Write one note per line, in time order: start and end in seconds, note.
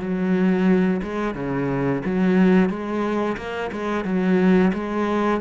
0.00 1.01 F#3
1.03 1.35 G#3
1.35 2.02 C#3
2.05 2.69 F#3
2.69 3.37 G#3
3.37 3.71 A#3
3.72 4.05 G#3
4.05 4.72 F#3
4.73 5.41 G#3